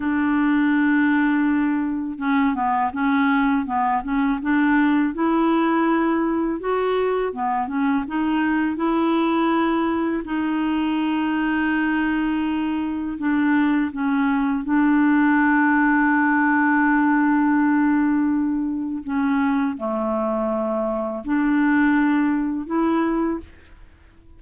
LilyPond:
\new Staff \with { instrumentName = "clarinet" } { \time 4/4 \tempo 4 = 82 d'2. cis'8 b8 | cis'4 b8 cis'8 d'4 e'4~ | e'4 fis'4 b8 cis'8 dis'4 | e'2 dis'2~ |
dis'2 d'4 cis'4 | d'1~ | d'2 cis'4 a4~ | a4 d'2 e'4 | }